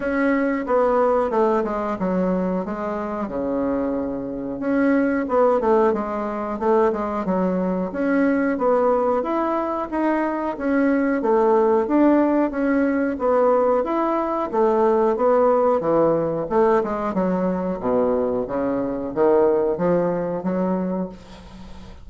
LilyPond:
\new Staff \with { instrumentName = "bassoon" } { \time 4/4 \tempo 4 = 91 cis'4 b4 a8 gis8 fis4 | gis4 cis2 cis'4 | b8 a8 gis4 a8 gis8 fis4 | cis'4 b4 e'4 dis'4 |
cis'4 a4 d'4 cis'4 | b4 e'4 a4 b4 | e4 a8 gis8 fis4 b,4 | cis4 dis4 f4 fis4 | }